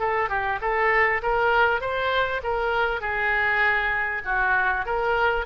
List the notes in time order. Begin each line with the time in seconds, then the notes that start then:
0.00 A4
0.29 G4
0.61 A4
1.23 A#4
1.81 C5
2.43 A#4
3.01 G#4
4.25 F#4
4.86 A#4